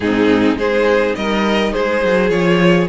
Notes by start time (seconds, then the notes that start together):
0.00 G#2 C4 D#4 G#4
0.55 G#3 D#4 G#4 C5
1.15 G3 A#4 D#5
1.72 G#3 G#4 C5
2.04 F#3
2.30 F3 F4 C#5